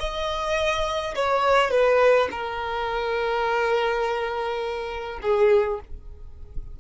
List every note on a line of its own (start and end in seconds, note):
0.00 1.15 D#5
1.15 1.71 C#5
1.71 2.29 B4
2.31 5.20 A#4
5.22 5.80 G#4